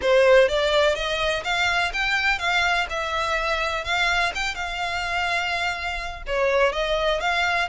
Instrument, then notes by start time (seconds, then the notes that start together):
violin
0.01 C5
0.48 D5
0.95 D#5
1.44 F5
1.93 G5
2.38 F5
2.89 E5
3.84 F5
4.34 G5
4.55 F5
6.26 C#5
6.72 D#5
7.20 F5